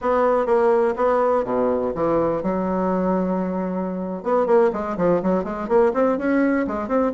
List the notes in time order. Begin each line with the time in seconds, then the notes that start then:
0.01 B3
0.46 A#3
0.96 B3
1.44 B2
1.95 E3
2.42 F#3
4.23 B3
4.46 A#3
4.72 G#3
4.97 F3
5.22 F#3
5.44 G#3
5.68 A#3
5.93 C4
6.18 C#4
6.67 G#3
6.88 C4